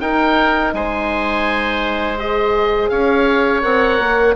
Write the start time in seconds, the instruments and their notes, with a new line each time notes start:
0.00 bassoon D#4, horn D#4, oboe A#4 G5
0.73 bassoon G#3, oboe C5 G#5
2.18 horn G#4, oboe D#5
2.89 bassoon C#4, oboe C#5 F5
3.62 bassoon C4, horn A#4, oboe F#5
3.99 bassoon A#3